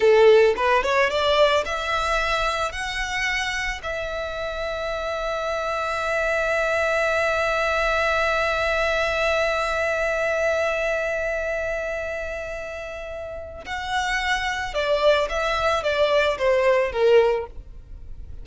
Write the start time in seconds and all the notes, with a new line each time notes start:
0.00 A4
0.56 B4
0.83 C#5
1.09 D5
1.65 E5
2.72 F#5
3.83 E5
13.65 F#5
14.73 D5
15.29 E5
15.83 D5
16.38 C5
16.92 A#4